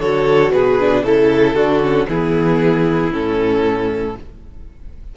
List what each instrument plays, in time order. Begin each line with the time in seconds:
0.00 cello D3, viola F#4, violin A4 C#5
0.51 cello B2, violin G#4 B4
0.80 viola D4
1.03 cello C#3, viola E4, violin A4
1.55 cello D3, viola D4, violin F#4
1.83 viola C#4
2.09 cello E3, viola B3, violin E4 G#4
3.12 cello A2, viola C#4, violin A4